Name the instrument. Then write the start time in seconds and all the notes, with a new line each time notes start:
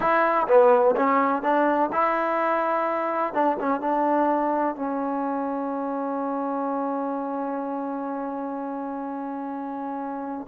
trombone
0.00 E4
0.47 B3
0.95 C#4
1.42 D4
1.92 E4
3.33 D4
3.60 C#4
3.80 D4
4.75 C#4